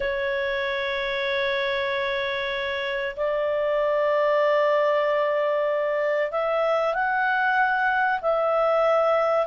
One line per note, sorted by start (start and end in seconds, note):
0.00 3.16 C#5
3.16 6.31 D5
6.31 6.94 E5
6.94 8.20 F#5
8.21 9.46 E5